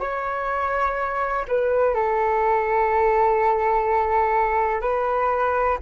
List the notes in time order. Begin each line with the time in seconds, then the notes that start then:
0.00 C#5
1.48 B4
1.94 A4
4.81 B4